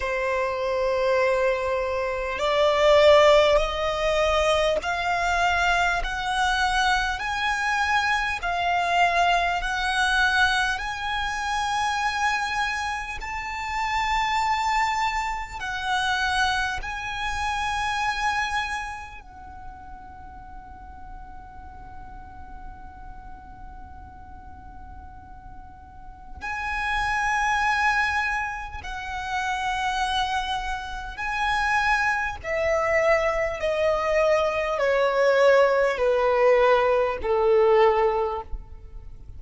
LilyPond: \new Staff \with { instrumentName = "violin" } { \time 4/4 \tempo 4 = 50 c''2 d''4 dis''4 | f''4 fis''4 gis''4 f''4 | fis''4 gis''2 a''4~ | a''4 fis''4 gis''2 |
fis''1~ | fis''2 gis''2 | fis''2 gis''4 e''4 | dis''4 cis''4 b'4 a'4 | }